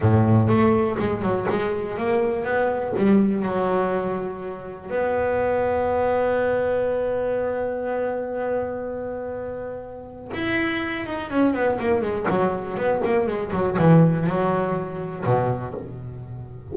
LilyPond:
\new Staff \with { instrumentName = "double bass" } { \time 4/4 \tempo 4 = 122 a,4 a4 gis8 fis8 gis4 | ais4 b4 g4 fis4~ | fis2 b2~ | b1~ |
b1~ | b4 e'4. dis'8 cis'8 b8 | ais8 gis8 fis4 b8 ais8 gis8 fis8 | e4 fis2 b,4 | }